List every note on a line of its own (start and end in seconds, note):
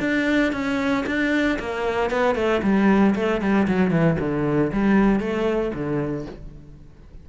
0.00 0.52 D4
0.52 1.05 C#4
1.06 1.58 D4
1.59 2.10 A#3
2.10 2.35 B3
2.35 2.61 A3
2.63 3.15 G3
3.15 3.41 A3
3.41 3.67 G3
3.67 3.90 F#3
3.90 4.16 E3
4.19 4.71 D3
4.73 5.20 G3
5.20 5.72 A3
5.74 6.26 D3